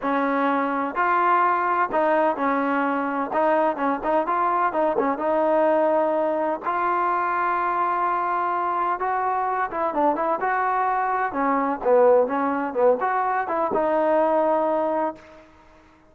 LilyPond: \new Staff \with { instrumentName = "trombone" } { \time 4/4 \tempo 4 = 127 cis'2 f'2 | dis'4 cis'2 dis'4 | cis'8 dis'8 f'4 dis'8 cis'8 dis'4~ | dis'2 f'2~ |
f'2. fis'4~ | fis'8 e'8 d'8 e'8 fis'2 | cis'4 b4 cis'4 b8 fis'8~ | fis'8 e'8 dis'2. | }